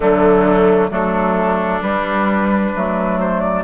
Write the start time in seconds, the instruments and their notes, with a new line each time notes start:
0.00 bassoon D3, clarinet F#3, oboe A3, flute D4
0.89 bassoon F#3, clarinet A3, oboe D4, flute A4
1.81 bassoon G3, clarinet G3, flute B4
2.75 bassoon F#3, clarinet A3
3.19 flute C5
3.40 flute D5